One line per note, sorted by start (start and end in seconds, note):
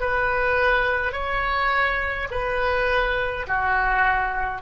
0.00 1.13 B4
1.13 2.28 C#5
2.31 3.46 B4
3.47 4.62 F#4